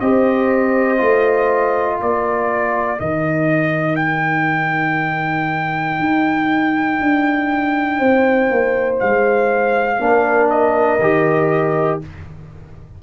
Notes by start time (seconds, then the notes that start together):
0.00 C4 G4 C5 D#5
0.98 A3 F4
1.96 A#3 A#4 D5
2.97 D#3 D#4 D#5
3.96 G5
6.00 D#4
7.00 D4
7.99 C4 C5
8.51 A#3
9.00 G#3 F5
9.99 A#3 D4 A#4
10.50 D#5
10.99 D#3 G4